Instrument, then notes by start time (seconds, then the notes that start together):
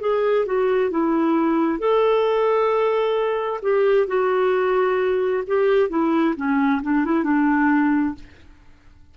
clarinet
0.00 G#4
0.45 F#4
0.90 E4
1.79 A4
3.62 G4
4.07 F#4
5.47 G4
5.89 E4
6.36 C#4
6.82 D4
7.05 E4
7.24 D4